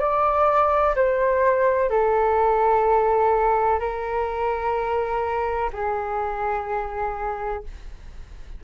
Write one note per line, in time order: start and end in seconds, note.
0.00 0.95 D5
0.96 1.90 C5
1.90 3.80 A4
3.80 5.70 A#4
5.73 7.64 G#4